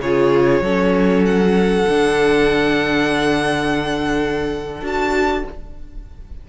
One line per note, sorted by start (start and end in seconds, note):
0.00 0.60 C#3
0.00 0.64 F4
0.00 0.63 G#4
0.00 1.25 C#5
0.60 1.85 F#3
0.60 1.89 C#4
0.60 5.47 A4
1.25 4.84 F#5
1.89 4.81 D3
1.89 4.82 D4
4.81 5.44 D4
4.81 5.45 F#4
4.81 5.49 A5